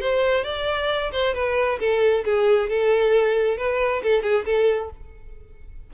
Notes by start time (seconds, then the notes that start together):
0.00 C5
0.44 D5
1.12 C5
1.34 B4
1.79 A4
2.24 G#4
2.69 A4
3.57 B4
4.03 A4
4.23 G#4
4.45 A4